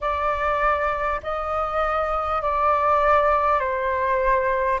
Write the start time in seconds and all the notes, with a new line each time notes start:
0.01 D5
1.22 D#5
2.42 D5
3.59 C5